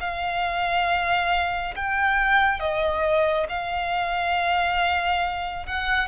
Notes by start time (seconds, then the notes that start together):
0.00 F5
1.76 G5
2.60 D#5
3.49 F5
5.66 F#5